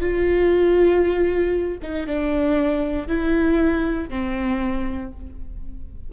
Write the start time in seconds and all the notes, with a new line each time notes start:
0.00 F4
1.82 D#4
2.06 D4
3.07 E4
4.09 C4